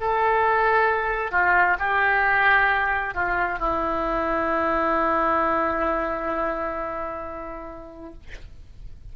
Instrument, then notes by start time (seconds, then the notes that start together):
oboe
0.00 A4
1.31 F4
1.79 G4
3.14 F4
3.59 E4